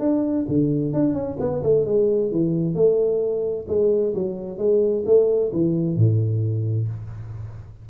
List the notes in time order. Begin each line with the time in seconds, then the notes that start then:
0.00 D4
0.49 D3
0.94 D4
1.14 C#4
1.40 B3
1.64 A3
1.86 G#3
2.32 E3
2.75 A3
3.68 G#3
4.15 F#3
4.58 G#3
5.06 A3
5.53 E3
5.97 A2